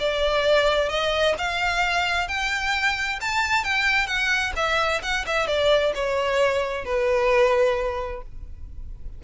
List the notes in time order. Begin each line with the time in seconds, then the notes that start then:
0.00 D5
0.90 D#5
1.38 F5
2.28 G5
3.21 A5
3.64 G5
4.07 F#5
4.56 E5
5.03 F#5
5.27 E5
5.48 D5
5.95 C#5
6.85 B4